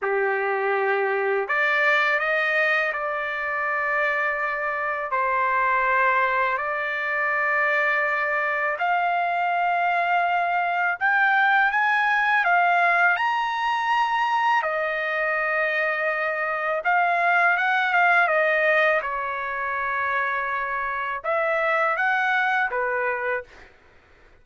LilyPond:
\new Staff \with { instrumentName = "trumpet" } { \time 4/4 \tempo 4 = 82 g'2 d''4 dis''4 | d''2. c''4~ | c''4 d''2. | f''2. g''4 |
gis''4 f''4 ais''2 | dis''2. f''4 | fis''8 f''8 dis''4 cis''2~ | cis''4 e''4 fis''4 b'4 | }